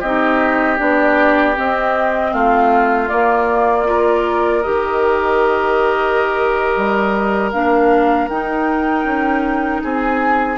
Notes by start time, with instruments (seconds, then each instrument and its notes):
0.00 bassoon C4, clarinet D#4, oboe G4, flute D#5
0.77 bassoon B3, clarinet D4, flute D5
1.56 clarinet C4, bassoon C4, flute D#5
2.33 bassoon A3, oboe F4, flute F5
3.08 clarinet A#3, bassoon A#3, flute D5
3.86 clarinet F4, oboe A#4
4.62 bassoon D#3, clarinet G4, flute D#5
6.76 bassoon G3
7.51 bassoon A#3, clarinet D4, flute F5
8.29 bassoon D#4, clarinet D#4, flute G5
9.04 bassoon C#4
9.83 bassoon C4, oboe G#4, flute G#5